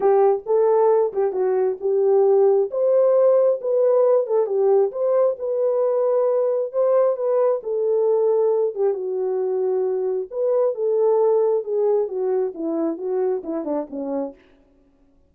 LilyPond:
\new Staff \with { instrumentName = "horn" } { \time 4/4 \tempo 4 = 134 g'4 a'4. g'8 fis'4 | g'2 c''2 | b'4. a'8 g'4 c''4 | b'2. c''4 |
b'4 a'2~ a'8 g'8 | fis'2. b'4 | a'2 gis'4 fis'4 | e'4 fis'4 e'8 d'8 cis'4 | }